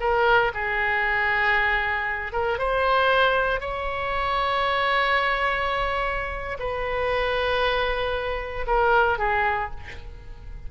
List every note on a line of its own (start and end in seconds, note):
0.00 0.52 A#4
0.54 2.32 G#4
2.32 2.58 A#4
2.58 3.60 C5
3.60 6.58 C#5
6.59 8.66 B4
8.67 9.18 A#4
9.18 9.70 G#4